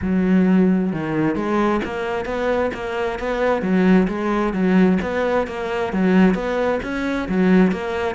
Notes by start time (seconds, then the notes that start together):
0.01 F#3
0.92 D#3
1.35 G#3
1.84 A#3
2.25 B3
2.74 A#3
3.19 B3
3.61 F#3
4.07 G#3
4.53 F#3
5.01 B3
5.47 A#3
5.92 F#3
6.34 B3
6.82 C#4
7.28 F#3
7.71 A#3